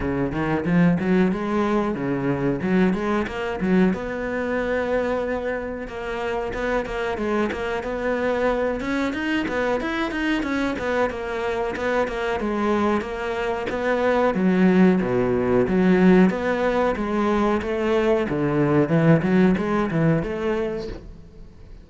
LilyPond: \new Staff \with { instrumentName = "cello" } { \time 4/4 \tempo 4 = 92 cis8 dis8 f8 fis8 gis4 cis4 | fis8 gis8 ais8 fis8 b2~ | b4 ais4 b8 ais8 gis8 ais8 | b4. cis'8 dis'8 b8 e'8 dis'8 |
cis'8 b8 ais4 b8 ais8 gis4 | ais4 b4 fis4 b,4 | fis4 b4 gis4 a4 | d4 e8 fis8 gis8 e8 a4 | }